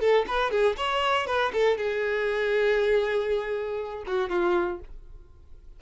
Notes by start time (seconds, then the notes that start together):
0.00 A4
0.27 B4
0.51 G#4
0.77 C#5
1.27 B4
1.53 A4
1.77 G#4
4.06 F#4
4.29 F4